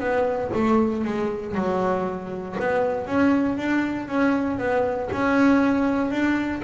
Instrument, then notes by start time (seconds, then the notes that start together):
double bass
0.00 B3
0.54 A3
1.05 G#3
1.55 F#3
2.60 B3
3.07 C#4
3.58 D4
4.08 C#4
4.59 B3
5.13 C#4
6.11 D4